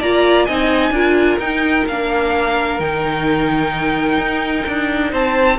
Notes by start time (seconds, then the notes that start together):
0.00 A#3 F4 D5 A#5
0.45 C4 D#4 D#5 G#5
0.91 D4 F4 A#4
1.40 D#4 G5
1.87 A#3 D4 F5
2.80 D#3 D#4 G5
4.18 D#4
4.67 D4
5.11 C4 C5 A5